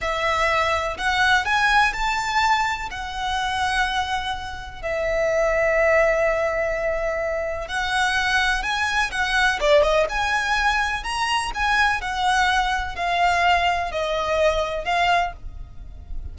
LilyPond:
\new Staff \with { instrumentName = "violin" } { \time 4/4 \tempo 4 = 125 e''2 fis''4 gis''4 | a''2 fis''2~ | fis''2 e''2~ | e''1 |
fis''2 gis''4 fis''4 | d''8 dis''8 gis''2 ais''4 | gis''4 fis''2 f''4~ | f''4 dis''2 f''4 | }